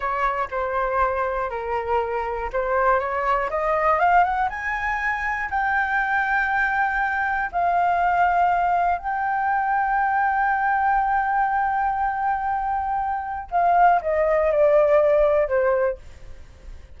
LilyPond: \new Staff \with { instrumentName = "flute" } { \time 4/4 \tempo 4 = 120 cis''4 c''2 ais'4~ | ais'4 c''4 cis''4 dis''4 | f''8 fis''8 gis''2 g''4~ | g''2. f''4~ |
f''2 g''2~ | g''1~ | g''2. f''4 | dis''4 d''2 c''4 | }